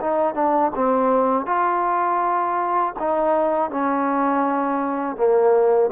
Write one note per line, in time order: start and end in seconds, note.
0.00 0.34 D#4
0.34 0.71 D4
0.75 1.46 C4
1.46 2.94 F4
2.99 3.70 D#4
3.70 5.16 C#4
5.16 5.90 A#3